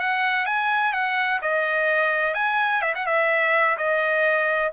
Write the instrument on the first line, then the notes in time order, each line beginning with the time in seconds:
trumpet
0.00 F#5
0.46 G#5
0.93 F#5
1.42 D#5
2.35 G#5
2.82 E5
2.95 F#5
3.06 E5
3.78 D#5